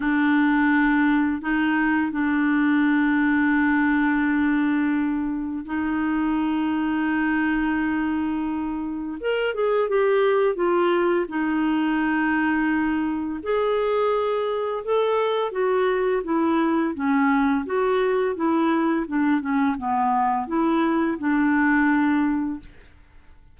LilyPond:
\new Staff \with { instrumentName = "clarinet" } { \time 4/4 \tempo 4 = 85 d'2 dis'4 d'4~ | d'1 | dis'1~ | dis'4 ais'8 gis'8 g'4 f'4 |
dis'2. gis'4~ | gis'4 a'4 fis'4 e'4 | cis'4 fis'4 e'4 d'8 cis'8 | b4 e'4 d'2 | }